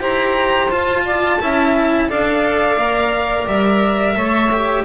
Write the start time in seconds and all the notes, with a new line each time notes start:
0.00 E4 G4 C5 A#5
0.69 F4 A5
1.05 D5
1.40 C#4 E4 E5
2.09 D4 A4 D5 F5
2.77 A#3 A#4
3.46 G3 E5
4.15 A3 A4 C#5
4.52 G4